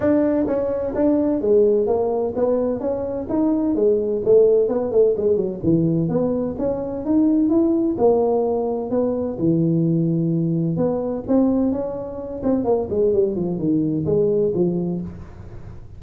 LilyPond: \new Staff \with { instrumentName = "tuba" } { \time 4/4 \tempo 4 = 128 d'4 cis'4 d'4 gis4 | ais4 b4 cis'4 dis'4 | gis4 a4 b8 a8 gis8 fis8 | e4 b4 cis'4 dis'4 |
e'4 ais2 b4 | e2. b4 | c'4 cis'4. c'8 ais8 gis8 | g8 f8 dis4 gis4 f4 | }